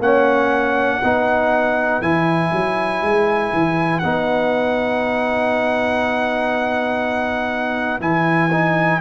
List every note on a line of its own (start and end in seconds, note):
0.00 1.00 A#3
0.00 1.03 C#4
0.00 1.02 C#5
0.00 2.02 F#5
1.02 2.02 B3
1.02 2.02 D#4
1.02 9.01 B4
2.02 2.52 E3
2.02 4.03 E4
2.02 4.00 G#5
2.52 3.02 F#3
3.02 3.52 G#3
3.54 4.04 E3
4.00 8.01 B3
4.00 8.01 D#4
4.00 8.00 F#5
8.01 9.01 E3
8.01 8.51 E4
8.01 9.01 G#5
8.52 9.01 D#4